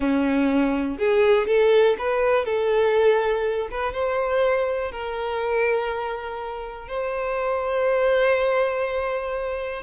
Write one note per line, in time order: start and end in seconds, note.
0.00 0.98 C#4
0.98 1.47 G#4
1.47 1.96 A4
1.98 2.45 B4
2.45 3.68 A4
3.70 3.93 B4
3.93 4.91 C5
4.91 6.87 A#4
6.87 9.82 C5